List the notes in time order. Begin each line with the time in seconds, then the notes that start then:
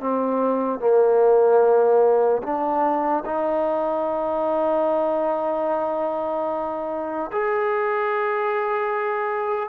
0.00 C4
0.80 A#3
2.43 D4
3.26 D#4
7.32 G#4